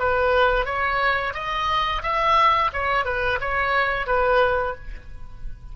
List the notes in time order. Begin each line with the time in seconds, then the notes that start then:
0.00 B4
0.66 C#5
1.35 D#5
2.03 E5
2.73 C#5
3.05 B4
3.41 C#5
4.07 B4